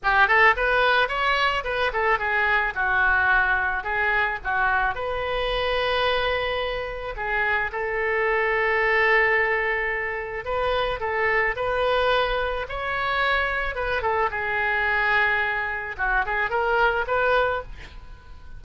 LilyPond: \new Staff \with { instrumentName = "oboe" } { \time 4/4 \tempo 4 = 109 g'8 a'8 b'4 cis''4 b'8 a'8 | gis'4 fis'2 gis'4 | fis'4 b'2.~ | b'4 gis'4 a'2~ |
a'2. b'4 | a'4 b'2 cis''4~ | cis''4 b'8 a'8 gis'2~ | gis'4 fis'8 gis'8 ais'4 b'4 | }